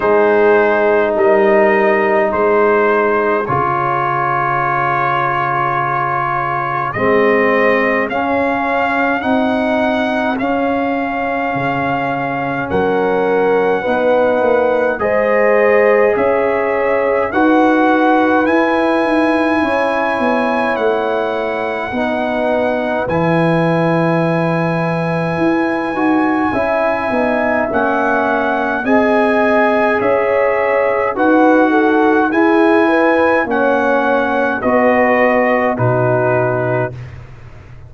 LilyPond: <<
  \new Staff \with { instrumentName = "trumpet" } { \time 4/4 \tempo 4 = 52 c''4 dis''4 c''4 cis''4~ | cis''2 dis''4 f''4 | fis''4 f''2 fis''4~ | fis''4 dis''4 e''4 fis''4 |
gis''2 fis''2 | gis''1 | fis''4 gis''4 e''4 fis''4 | gis''4 fis''4 dis''4 b'4 | }
  \new Staff \with { instrumentName = "horn" } { \time 4/4 gis'4 ais'4 gis'2~ | gis'1~ | gis'2. ais'4 | b'4 c''4 cis''4 b'4~ |
b'4 cis''2 b'4~ | b'2. e''4~ | e''4 dis''4 cis''4 b'8 a'8 | gis'8 b'8 cis''4 b'4 fis'4 | }
  \new Staff \with { instrumentName = "trombone" } { \time 4/4 dis'2. f'4~ | f'2 c'4 cis'4 | dis'4 cis'2. | dis'4 gis'2 fis'4 |
e'2. dis'4 | e'2~ e'8 fis'8 e'8 dis'8 | cis'4 gis'2 fis'4 | e'4 cis'4 fis'4 dis'4 | }
  \new Staff \with { instrumentName = "tuba" } { \time 4/4 gis4 g4 gis4 cis4~ | cis2 gis4 cis'4 | c'4 cis'4 cis4 fis4 | b8 ais8 gis4 cis'4 dis'4 |
e'8 dis'8 cis'8 b8 a4 b4 | e2 e'8 dis'8 cis'8 b8 | ais4 c'4 cis'4 dis'4 | e'4 ais4 b4 b,4 | }
>>